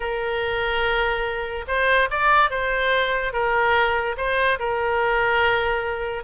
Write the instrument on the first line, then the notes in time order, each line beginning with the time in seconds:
oboe
0.00 A#4
1.67 C5
2.10 D5
2.50 C5
3.32 A#4
4.17 C5
4.59 A#4